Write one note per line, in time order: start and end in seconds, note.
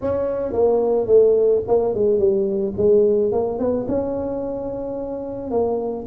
0.01 0.52 C#4
0.52 1.06 A#3
1.06 1.61 A3
1.67 1.94 A#3
1.94 2.18 G#3
2.18 2.73 G3
2.77 3.32 G#3
3.32 3.59 A#3
3.59 3.86 B3
3.88 5.50 C#4
5.50 6.06 A#3